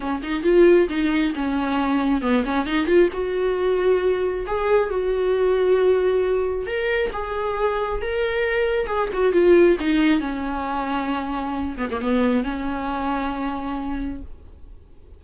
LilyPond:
\new Staff \with { instrumentName = "viola" } { \time 4/4 \tempo 4 = 135 cis'8 dis'8 f'4 dis'4 cis'4~ | cis'4 b8 cis'8 dis'8 f'8 fis'4~ | fis'2 gis'4 fis'4~ | fis'2. ais'4 |
gis'2 ais'2 | gis'8 fis'8 f'4 dis'4 cis'4~ | cis'2~ cis'8 b16 ais16 b4 | cis'1 | }